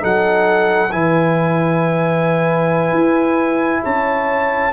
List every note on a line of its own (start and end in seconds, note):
0.00 0.93 F#3
0.00 0.90 D#4
0.00 0.91 A4
0.00 0.92 F#5
0.92 2.93 E3
0.92 4.73 E4
0.92 3.83 B4
0.92 3.83 G#5
2.93 3.82 E4
3.83 4.73 C#4
3.83 4.72 C#5
3.83 4.73 A5